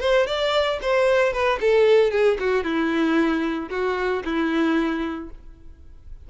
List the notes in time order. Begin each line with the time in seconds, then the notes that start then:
0.00 C5
0.27 D5
0.82 C5
1.33 B4
1.61 A4
2.11 G#4
2.40 F#4
2.64 E4
3.70 F#4
4.25 E4